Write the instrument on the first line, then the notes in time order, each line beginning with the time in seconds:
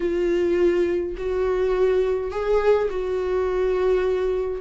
viola
0.00 F4
1.17 F#4
2.31 G#4
2.90 F#4